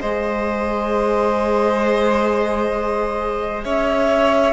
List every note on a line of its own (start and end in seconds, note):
0.00 3.66 G#3
0.00 4.53 G#4
0.00 3.65 C5
0.00 3.64 D#5
3.64 4.53 C#4
3.64 4.53 C#5
3.64 4.53 E5